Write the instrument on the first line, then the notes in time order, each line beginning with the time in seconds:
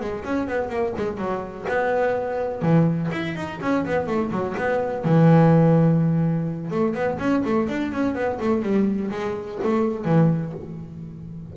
double bass
0.00 G#3
0.24 C#4
0.47 B3
0.69 A#3
0.96 G#3
1.17 F#3
1.68 B3
2.62 E3
3.11 E4
3.35 D#4
3.61 C#4
3.85 B3
4.07 A3
4.31 F#3
4.57 B3
5.04 E3
6.70 A3
6.94 B3
7.19 C#4
7.44 A3
7.68 D4
7.92 C#4
8.14 B3
8.40 A3
8.62 G3
9.10 G#3
9.63 A3
10.05 E3